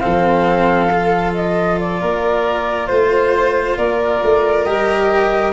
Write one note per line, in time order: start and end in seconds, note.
0.00 2.02 F3
0.00 0.89 C4
0.00 2.01 A4
0.00 1.32 F5
0.92 4.66 F4
1.35 1.79 D#5
1.80 2.87 D5
2.01 2.90 A#3
2.01 2.89 A#4
2.87 3.77 A3
2.87 3.76 C5
2.87 3.78 C5
3.77 4.21 A#3
3.77 5.53 A#4
3.77 4.64 D5
4.23 4.66 A3
4.64 5.53 G3
4.64 5.53 G4
4.64 5.52 D#5